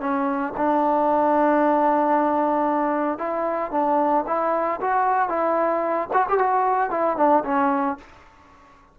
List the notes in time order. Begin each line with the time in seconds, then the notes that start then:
0.00 C#4
0.57 D4
3.18 E4
3.71 D4
4.27 E4
4.81 F#4
5.29 E4
6.13 F#4
6.29 G4
6.38 F#4
6.90 E4
7.17 D4
7.44 C#4